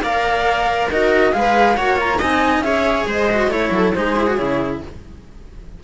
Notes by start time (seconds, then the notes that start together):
0.00 A#3 A#4 D5 F5
0.90 D#4 F#4 A#4 D#5
1.32 G#3 G#4 B4 F5
1.76 A#3 F#4 C#5 F#5
1.97 F4 A#5
2.18 C4 D#4 D#5 G#5
2.60 C#4 G#4 C#5 E5
3.06 G#3 C5 D#5
3.31 F#4
3.48 A3 E4 C#5
3.71 F#3 A4
3.94 G#3 D#4 G#4 C5
4.16 E4
4.27 F#4
4.36 C#3 E4 C#5